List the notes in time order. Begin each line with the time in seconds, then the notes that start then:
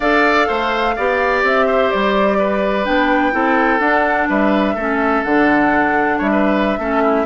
0.00 D4 A4 D5 F5
0.47 A3 C5
0.96 B3 G4 D5
1.43 C4 E5
1.66 C5
1.90 G3 D5
2.38 B4
2.84 B3 D4 G5
3.31 C4 E4 A4
3.79 D4 F#5
4.28 G3 B4 E5
4.75 A3 C#4 A4
5.23 D3 D4 F#5
6.18 G3 C#5 E5
6.31 B4
6.77 A3 C#4 A4
7.03 E4